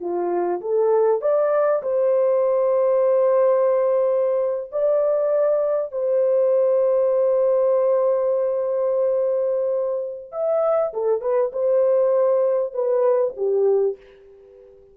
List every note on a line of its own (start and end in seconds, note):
0.00 0.61 F4
0.61 1.21 A4
1.21 1.82 D5
1.83 4.71 C5
4.72 5.92 D5
5.92 10.31 C5
10.32 10.93 E5
10.93 11.21 A4
11.21 11.51 B4
11.53 12.74 C5
12.74 13.34 B4
13.36 13.97 G4